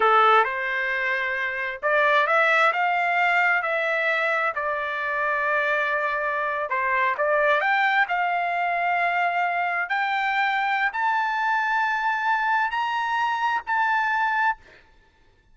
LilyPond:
\new Staff \with { instrumentName = "trumpet" } { \time 4/4 \tempo 4 = 132 a'4 c''2. | d''4 e''4 f''2 | e''2 d''2~ | d''2~ d''8. c''4 d''16~ |
d''8. g''4 f''2~ f''16~ | f''4.~ f''16 g''2~ g''16 | a''1 | ais''2 a''2 | }